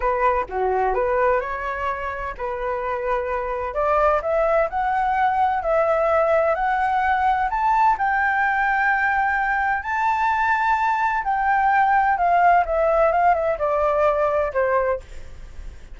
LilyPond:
\new Staff \with { instrumentName = "flute" } { \time 4/4 \tempo 4 = 128 b'4 fis'4 b'4 cis''4~ | cis''4 b'2. | d''4 e''4 fis''2 | e''2 fis''2 |
a''4 g''2.~ | g''4 a''2. | g''2 f''4 e''4 | f''8 e''8 d''2 c''4 | }